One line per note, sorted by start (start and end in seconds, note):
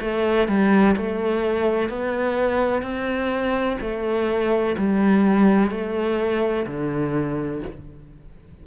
0.00 0.48 A3
0.48 0.96 G3
0.96 1.89 A3
1.89 2.82 B3
2.82 3.77 C4
3.81 4.76 A3
4.77 5.71 G3
5.71 6.66 A3
6.67 7.62 D3